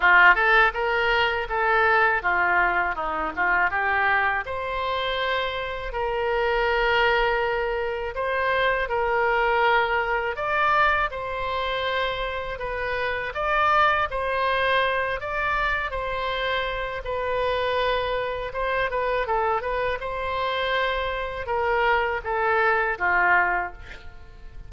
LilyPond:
\new Staff \with { instrumentName = "oboe" } { \time 4/4 \tempo 4 = 81 f'8 a'8 ais'4 a'4 f'4 | dis'8 f'8 g'4 c''2 | ais'2. c''4 | ais'2 d''4 c''4~ |
c''4 b'4 d''4 c''4~ | c''8 d''4 c''4. b'4~ | b'4 c''8 b'8 a'8 b'8 c''4~ | c''4 ais'4 a'4 f'4 | }